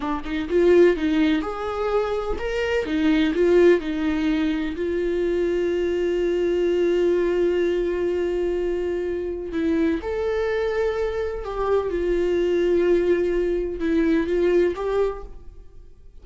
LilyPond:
\new Staff \with { instrumentName = "viola" } { \time 4/4 \tempo 4 = 126 d'8 dis'8 f'4 dis'4 gis'4~ | gis'4 ais'4 dis'4 f'4 | dis'2 f'2~ | f'1~ |
f'1 | e'4 a'2. | g'4 f'2.~ | f'4 e'4 f'4 g'4 | }